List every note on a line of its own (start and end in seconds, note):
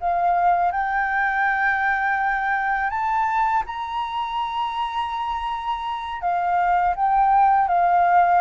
0.00 0.71 F5
0.71 2.90 G5
2.90 3.63 A5
3.66 6.21 A#5
6.21 6.94 F5
6.95 7.67 G5
7.67 8.40 F5